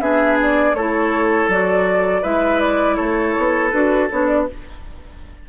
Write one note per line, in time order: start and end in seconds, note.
0.00 0.74 B3
0.00 0.75 D4
0.00 0.76 G#4
0.00 0.37 E5
0.42 0.75 D5
0.74 1.48 A3
0.74 1.51 E4
0.74 2.22 A4
0.74 1.49 C#5
1.48 2.22 F#3
1.48 2.23 F#4
1.48 2.24 D5
2.22 2.99 G#3
2.22 3.71 E4
2.22 2.96 B4
2.22 2.60 E5
2.60 2.96 D5
2.96 3.36 A3
2.96 4.44 A4
2.96 3.70 C#5
3.37 3.73 B3
3.70 4.10 D4
3.70 4.10 F#4
3.70 4.07 B4
4.11 4.49 B3
4.11 4.48 D4
4.11 4.27 C#5
4.27 4.46 D5